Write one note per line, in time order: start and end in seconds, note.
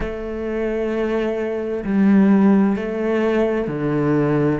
0.00 1.84 A3
1.84 2.76 G3
2.76 3.67 A3
3.67 4.59 D3